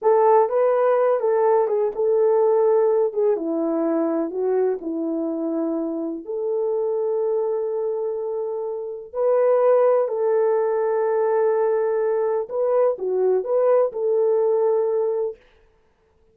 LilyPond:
\new Staff \with { instrumentName = "horn" } { \time 4/4 \tempo 4 = 125 a'4 b'4. a'4 gis'8 | a'2~ a'8 gis'8 e'4~ | e'4 fis'4 e'2~ | e'4 a'2.~ |
a'2. b'4~ | b'4 a'2.~ | a'2 b'4 fis'4 | b'4 a'2. | }